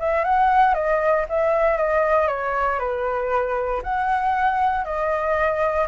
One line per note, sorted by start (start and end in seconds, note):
0.00 0.25 E5
0.25 0.75 F#5
0.75 1.26 D#5
1.29 1.78 E5
1.78 2.28 D#5
2.28 2.79 C#5
2.80 3.82 B4
3.83 4.85 F#5
4.85 5.88 D#5